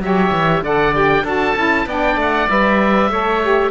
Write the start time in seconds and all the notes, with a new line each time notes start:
0.00 F#3 G4 C#5 E5
0.31 E3
0.62 D3 A4 D5 F#5
0.93 G4 G5
1.23 D4 F#4 A4 A5
1.56 C#4 E4
1.86 B3 D4 D5 G5
2.16 A3 F#5
2.49 G3 B4 E5
3.09 A3 A4 C#5
3.43 G4